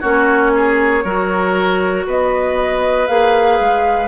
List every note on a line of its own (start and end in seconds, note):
0.00 1.04 A#3
0.00 1.03 C#4
0.00 0.51 F#4
0.00 2.05 C#5
0.54 1.04 G#4
1.04 2.06 F#3
1.04 3.08 F#4
1.04 2.06 A#4
2.06 3.08 B3
2.06 4.08 B4
2.06 3.07 D#5
3.07 3.59 A#3
3.07 4.08 G#4
3.07 4.08 F5
3.60 4.08 G#3